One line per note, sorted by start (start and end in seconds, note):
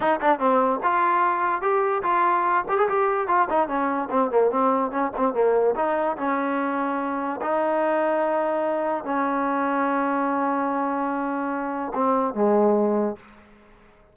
0.00 0.20 D#4
0.20 0.39 D4
0.39 0.80 C4
0.83 1.61 F4
1.61 2.02 G4
2.02 2.64 F4
2.68 2.78 G4
2.78 2.88 G#4
2.88 3.27 G4
3.27 3.48 F4
3.49 3.67 D#4
3.67 4.09 C#4
4.10 4.30 C4
4.30 4.50 A#3
4.50 4.91 C4
4.91 5.11 C#4
5.16 5.33 C4
5.33 5.74 A#3
5.75 6.16 D#4
6.17 7.40 C#4
7.41 9.04 D#4
9.04 11.92 C#4
11.94 12.34 C4
12.34 13.16 G#3